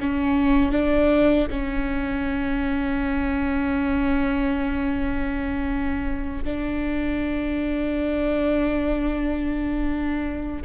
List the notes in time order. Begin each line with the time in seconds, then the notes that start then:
0.00 C#4
0.71 D4
1.50 C#4
6.44 D4